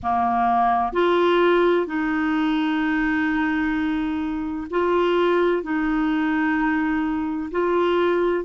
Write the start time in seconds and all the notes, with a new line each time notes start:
0.03 A#3
0.92 F4
1.86 D#4
4.70 F4
5.62 D#4
7.51 F4